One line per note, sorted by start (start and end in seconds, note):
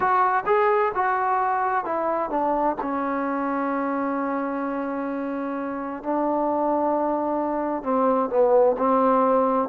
0.00 0.44 F#4
0.46 0.92 G#4
0.94 1.84 F#4
1.84 2.30 E4
2.30 2.76 D4
2.81 6.03 C#4
6.03 7.83 D4
7.83 8.29 C4
8.29 8.75 B3
8.78 9.68 C4